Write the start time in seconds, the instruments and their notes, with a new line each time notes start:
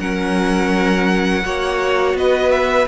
0.00 cello F#3, viola C#4, violin A#4 F#5
1.42 cello A#3, viola F#4, violin C#5
2.15 cello B3, violin B4 D#5
2.52 violin E5